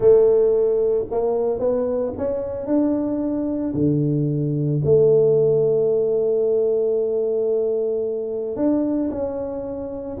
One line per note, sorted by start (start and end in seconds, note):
0.00 1.05 A3
1.10 1.59 A#3
1.59 2.13 B3
2.17 2.66 C#4
2.66 3.73 D4
3.74 4.81 D3
4.84 8.55 A3
8.55 9.09 D4
9.10 10.17 C#4